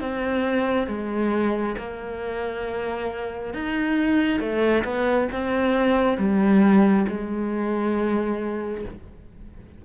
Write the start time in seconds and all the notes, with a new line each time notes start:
0.00 C4
0.87 G#3
1.78 A#3
3.54 D#4
4.40 A3
4.84 B3
5.32 C4
6.18 G3
7.08 G#3